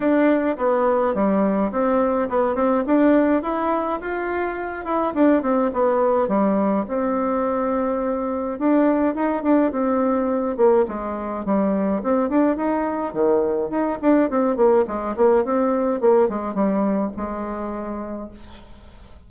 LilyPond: \new Staff \with { instrumentName = "bassoon" } { \time 4/4 \tempo 4 = 105 d'4 b4 g4 c'4 | b8 c'8 d'4 e'4 f'4~ | f'8 e'8 d'8 c'8 b4 g4 | c'2. d'4 |
dis'8 d'8 c'4. ais8 gis4 | g4 c'8 d'8 dis'4 dis4 | dis'8 d'8 c'8 ais8 gis8 ais8 c'4 | ais8 gis8 g4 gis2 | }